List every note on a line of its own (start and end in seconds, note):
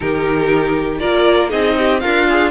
0.00 1.02 D#3
0.00 1.00 D#4
0.00 0.99 G4
0.00 0.98 A#4
0.99 1.52 A#3
0.99 1.49 F4
0.99 1.49 A#4
0.99 1.49 D5
1.49 2.03 C4
1.49 1.99 D#4
1.49 1.74 G#4
1.49 2.00 D#5
1.77 2.02 G4
2.00 2.51 D4
2.00 2.51 F4
2.00 2.28 A#4
2.00 2.50 F5
2.29 2.51 G#4